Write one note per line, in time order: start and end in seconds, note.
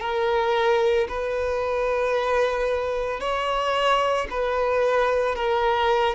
0.00 1.07 A#4
1.09 3.20 B4
3.20 4.27 C#5
4.30 5.35 B4
5.35 6.15 A#4